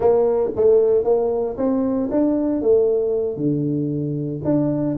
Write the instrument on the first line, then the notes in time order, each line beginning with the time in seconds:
tuba
0.00 A#3
0.55 A3
1.04 A#3
1.57 C4
2.11 D4
2.61 A3
3.37 D3
4.44 D4